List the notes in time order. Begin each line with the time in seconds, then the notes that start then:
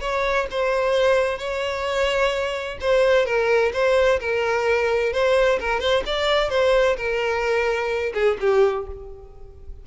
0.00 C#5
0.51 C5
1.38 C#5
2.81 C5
3.25 A#4
3.73 C5
4.20 A#4
5.12 C5
5.60 A#4
5.80 C5
6.06 D5
6.50 C5
6.96 A#4
8.14 G#4
8.40 G4